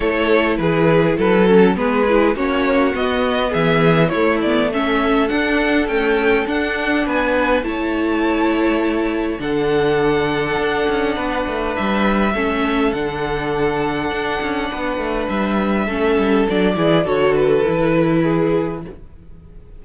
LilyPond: <<
  \new Staff \with { instrumentName = "violin" } { \time 4/4 \tempo 4 = 102 cis''4 b'4 a'4 b'4 | cis''4 dis''4 e''4 cis''8 d''8 | e''4 fis''4 g''4 fis''4 | gis''4 a''2. |
fis''1 | e''2 fis''2~ | fis''2 e''2 | d''4 cis''8 b'2~ b'8 | }
  \new Staff \with { instrumentName = "violin" } { \time 4/4 a'4 gis'4 b'8 a'8 gis'4 | fis'2 gis'4 e'4 | a'1 | b'4 cis''2. |
a'2. b'4~ | b'4 a'2.~ | a'4 b'2 a'4~ | a'8 gis'8 a'2 gis'4 | }
  \new Staff \with { instrumentName = "viola" } { \time 4/4 e'2~ e'8 cis'8 b8 e'8 | cis'4 b2 a8 b8 | cis'4 d'4 a4 d'4~ | d'4 e'2. |
d'1~ | d'4 cis'4 d'2~ | d'2. cis'4 | d'8 e'8 fis'4 e'2 | }
  \new Staff \with { instrumentName = "cello" } { \time 4/4 a4 e4 fis4 gis4 | ais4 b4 e4 a4~ | a4 d'4 cis'4 d'4 | b4 a2. |
d2 d'8 cis'8 b8 a8 | g4 a4 d2 | d'8 cis'8 b8 a8 g4 a8 g8 | fis8 e8 d4 e2 | }
>>